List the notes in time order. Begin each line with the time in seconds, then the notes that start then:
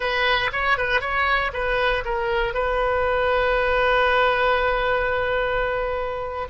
0.00 B4
0.52 C#5
0.77 B4
1.00 C#5
1.53 B4
2.05 A#4
2.54 B4